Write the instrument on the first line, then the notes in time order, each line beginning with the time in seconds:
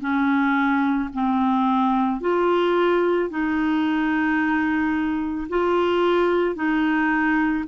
clarinet
0.00 C#4
1.13 C4
2.20 F4
3.29 D#4
5.48 F4
6.55 D#4